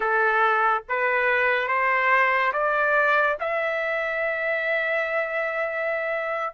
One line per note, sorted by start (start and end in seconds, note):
0.00 0.83 A4
0.88 1.67 B4
1.67 2.52 C5
2.52 3.37 D5
3.40 6.53 E5